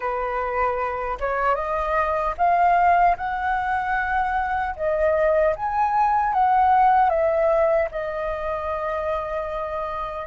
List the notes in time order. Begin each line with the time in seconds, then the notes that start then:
0.00 B4
1.19 C#5
1.55 D#5
2.37 F5
3.17 F#5
4.75 D#5
5.56 G#5
6.33 F#5
7.09 E5
7.91 D#5